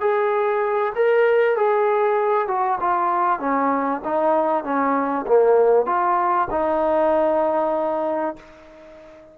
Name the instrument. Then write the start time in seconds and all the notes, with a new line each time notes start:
trombone
0.00 G#4
0.95 A#4
1.56 G#4
2.48 F#4
2.80 F4
3.39 C#4
4.04 D#4
4.64 C#4
5.26 A#3
5.86 F4
6.50 D#4